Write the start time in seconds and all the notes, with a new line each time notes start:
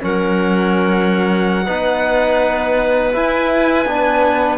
0.00 F#3 C#4 A#4 F#5
1.66 B3 D#4 B4
3.12 E4 G#5
3.85 B3 D4